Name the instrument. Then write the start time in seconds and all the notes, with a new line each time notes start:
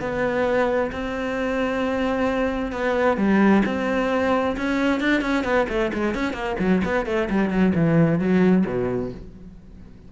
cello
0.00 B3
0.92 C4
2.72 B3
3.17 G3
3.66 C4
4.57 C#4
5.00 D4
5.21 C#4
5.44 B3
5.69 A3
5.94 G#3
6.14 C#4
6.33 A#3
6.59 F#3
6.85 B3
7.06 A3
7.30 G3
7.50 F#3
7.75 E3
8.19 F#3
8.66 B2